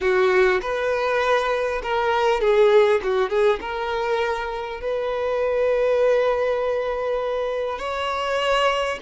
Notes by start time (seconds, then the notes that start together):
0.00 F#4
0.61 B4
1.82 A#4
2.41 G#4
3.03 F#4
3.29 G#4
3.61 A#4
4.81 B4
7.78 C#5